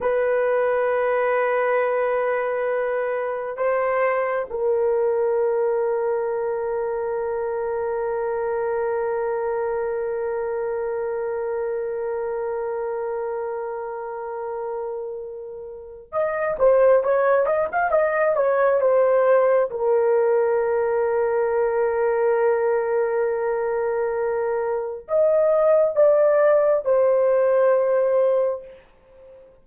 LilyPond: \new Staff \with { instrumentName = "horn" } { \time 4/4 \tempo 4 = 67 b'1 | c''4 ais'2.~ | ais'1~ | ais'1~ |
ais'2 dis''8 c''8 cis''8 dis''16 f''16 | dis''8 cis''8 c''4 ais'2~ | ais'1 | dis''4 d''4 c''2 | }